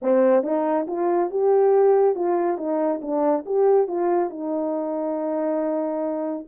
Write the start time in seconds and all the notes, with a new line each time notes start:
0.02 C4
0.43 D#4
0.87 F4
1.30 G4
2.15 F4
2.57 D#4
3.01 D4
3.45 G4
3.87 F4
4.30 D#4